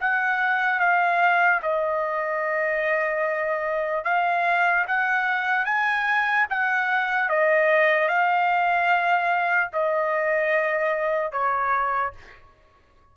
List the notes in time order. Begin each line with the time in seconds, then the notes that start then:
0.00 F#5
0.80 F5
1.63 D#5
4.04 F5
4.87 F#5
5.65 G#5
6.50 F#5
7.29 D#5
8.08 F5
9.73 D#5
11.32 C#5